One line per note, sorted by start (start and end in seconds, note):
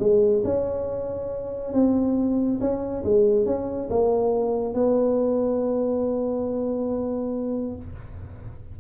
0.00 0.43 G#3
0.45 1.74 C#4
1.74 2.60 C4
2.61 3.04 C#4
3.05 3.46 G#3
3.46 3.89 C#4
3.90 4.74 A#3
4.74 7.77 B3